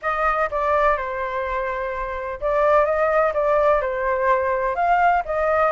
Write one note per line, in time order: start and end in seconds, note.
0.02 0.49 D#5
0.50 0.97 D5
0.97 2.40 C5
2.40 2.85 D5
2.85 3.32 D#5
3.33 3.81 D5
3.81 4.75 C5
4.75 5.22 F5
5.25 5.71 D#5